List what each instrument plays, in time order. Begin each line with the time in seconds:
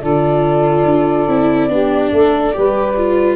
0.00 tuba D3, viola F4, saxophone A4, flute D5
0.85 tuba D4
1.27 tuba C4, viola E4
1.69 tuba B3, viola D4, saxophone G4
2.12 tuba A3, saxophone A4
2.53 tuba G3, viola G4, saxophone B4
2.97 viola F4